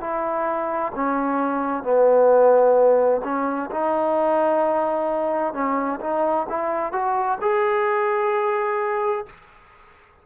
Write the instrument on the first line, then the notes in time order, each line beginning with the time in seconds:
trombone
0.00 E4
0.95 C#4
1.83 B3
3.23 C#4
3.70 D#4
5.53 C#4
6.00 D#4
6.49 E4
6.92 F#4
7.41 G#4